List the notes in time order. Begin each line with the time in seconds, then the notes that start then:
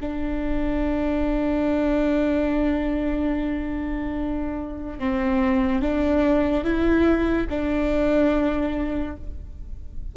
0.00 D4
4.98 C4
5.81 D4
6.64 E4
7.49 D4